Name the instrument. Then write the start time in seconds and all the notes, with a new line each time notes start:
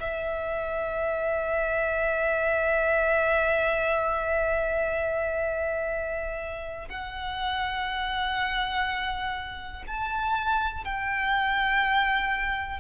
violin
0.00 E5
6.89 F#5
9.87 A5
10.84 G5